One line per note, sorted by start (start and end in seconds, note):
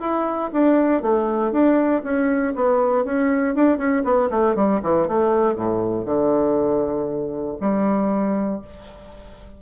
0.00 0.50 E4
0.52 1.02 D4
1.02 1.51 A3
1.51 2.02 D4
2.03 2.53 C#4
2.55 3.04 B3
3.04 3.55 C#4
3.55 3.77 D4
3.77 4.03 C#4
4.04 4.29 B3
4.30 4.55 A3
4.55 4.80 G3
4.82 5.07 E3
5.08 5.55 A3
5.55 6.05 A2
6.05 7.56 D3
7.60 8.61 G3